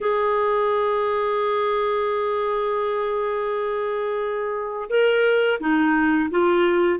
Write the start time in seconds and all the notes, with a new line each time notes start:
0.00 G#4
4.89 A#4
5.60 D#4
6.30 F4